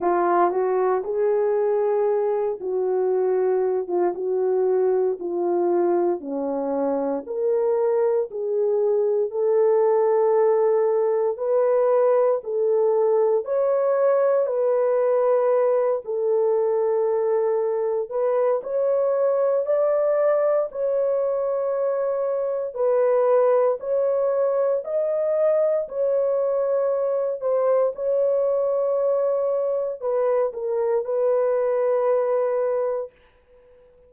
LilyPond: \new Staff \with { instrumentName = "horn" } { \time 4/4 \tempo 4 = 58 f'8 fis'8 gis'4. fis'4~ fis'16 f'16 | fis'4 f'4 cis'4 ais'4 | gis'4 a'2 b'4 | a'4 cis''4 b'4. a'8~ |
a'4. b'8 cis''4 d''4 | cis''2 b'4 cis''4 | dis''4 cis''4. c''8 cis''4~ | cis''4 b'8 ais'8 b'2 | }